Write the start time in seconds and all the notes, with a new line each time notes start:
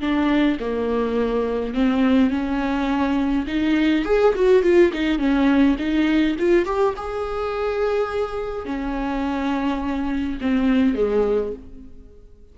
0.00 D4
0.60 A#3
1.74 C4
2.30 C#4
3.47 D#4
4.05 G#4
4.35 F#4
4.63 F4
4.93 D#4
5.18 C#4
5.78 D#4
6.39 F4
6.65 G4
6.96 G#4
8.65 C#4
10.41 C4
10.95 G#3